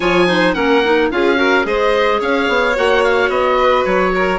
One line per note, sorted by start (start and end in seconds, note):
0.00 0.55 F3
0.00 0.27 F4
0.00 0.26 C#5
0.00 0.53 G#5
0.27 0.54 D#4
0.27 0.54 C5
0.53 1.10 A#3
0.53 0.82 C#4
0.53 1.10 A#4
0.53 1.08 F#5
0.84 1.11 D#4
1.11 1.65 C#4
1.11 1.35 F4
1.11 1.38 G#4
1.11 1.66 F5
1.35 1.63 F#4
1.35 1.65 A#4
1.63 2.20 G#3
1.63 2.73 G#4
1.63 2.19 C5
1.63 2.21 D#5
2.19 2.48 C#4
2.19 3.57 C#5
2.19 2.76 F5
2.48 2.75 B3
2.75 3.29 A#3
2.75 4.39 F#4
2.75 3.03 F#5
3.03 3.29 F5
3.29 3.84 B3
3.29 3.84 D#5
3.57 4.12 B4
3.84 4.39 F#3
3.84 4.39 C#5
4.14 4.39 A#4